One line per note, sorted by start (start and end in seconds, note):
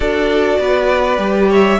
0.00 0.58 D4
0.00 1.17 F#4
0.00 0.58 A4
0.00 1.50 D5
0.58 1.18 B3
0.58 1.49 B4
1.17 1.78 G3
1.17 1.77 G4
1.49 1.79 C#5
1.49 1.79 E5